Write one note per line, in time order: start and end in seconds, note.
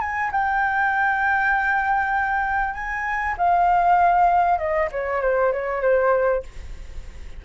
0.00 0.31 G#5
0.31 2.74 G5
2.74 3.35 G#5
3.37 4.58 F5
4.58 4.89 D#5
4.91 5.22 C#5
5.22 5.52 C5
5.52 5.81 C#5
5.81 6.43 C5